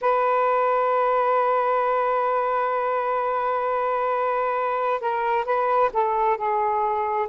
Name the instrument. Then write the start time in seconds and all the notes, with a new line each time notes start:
saxophone
0.01 B4
5.00 A#4
5.45 B4
5.93 A4
6.37 G#4